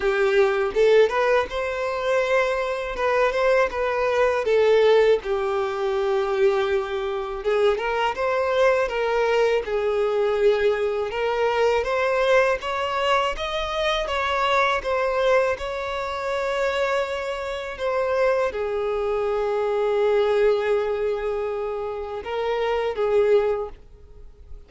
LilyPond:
\new Staff \with { instrumentName = "violin" } { \time 4/4 \tempo 4 = 81 g'4 a'8 b'8 c''2 | b'8 c''8 b'4 a'4 g'4~ | g'2 gis'8 ais'8 c''4 | ais'4 gis'2 ais'4 |
c''4 cis''4 dis''4 cis''4 | c''4 cis''2. | c''4 gis'2.~ | gis'2 ais'4 gis'4 | }